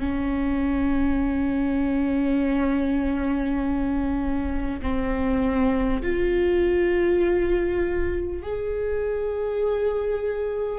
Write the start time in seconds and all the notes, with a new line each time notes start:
0.00 C#4
4.82 C4
6.02 F4
8.42 G#4